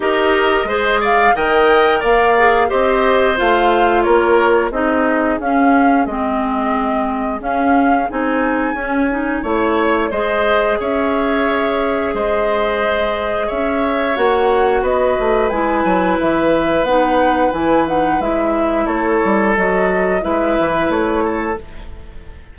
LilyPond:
<<
  \new Staff \with { instrumentName = "flute" } { \time 4/4 \tempo 4 = 89 dis''4. f''8 g''4 f''4 | dis''4 f''4 cis''4 dis''4 | f''4 dis''2 f''4 | gis''2 cis''4 dis''4 |
e''2 dis''2 | e''4 fis''4 dis''4 gis''4 | e''4 fis''4 gis''8 fis''8 e''4 | cis''4 dis''4 e''4 cis''4 | }
  \new Staff \with { instrumentName = "oboe" } { \time 4/4 ais'4 c''8 d''8 dis''4 d''4 | c''2 ais'4 gis'4~ | gis'1~ | gis'2 cis''4 c''4 |
cis''2 c''2 | cis''2 b'2~ | b'1 | a'2 b'4. a'8 | }
  \new Staff \with { instrumentName = "clarinet" } { \time 4/4 g'4 gis'4 ais'4. gis'8 | g'4 f'2 dis'4 | cis'4 c'2 cis'4 | dis'4 cis'8 dis'8 e'4 gis'4~ |
gis'1~ | gis'4 fis'2 e'4~ | e'4 dis'4 e'8 dis'8 e'4~ | e'4 fis'4 e'2 | }
  \new Staff \with { instrumentName = "bassoon" } { \time 4/4 dis'4 gis4 dis4 ais4 | c'4 a4 ais4 c'4 | cis'4 gis2 cis'4 | c'4 cis'4 a4 gis4 |
cis'2 gis2 | cis'4 ais4 b8 a8 gis8 fis8 | e4 b4 e4 gis4 | a8 g8 fis4 gis8 e8 a4 | }
>>